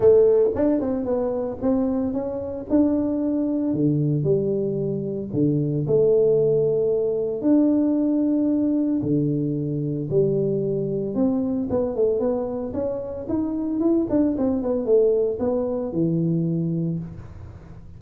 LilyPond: \new Staff \with { instrumentName = "tuba" } { \time 4/4 \tempo 4 = 113 a4 d'8 c'8 b4 c'4 | cis'4 d'2 d4 | g2 d4 a4~ | a2 d'2~ |
d'4 d2 g4~ | g4 c'4 b8 a8 b4 | cis'4 dis'4 e'8 d'8 c'8 b8 | a4 b4 e2 | }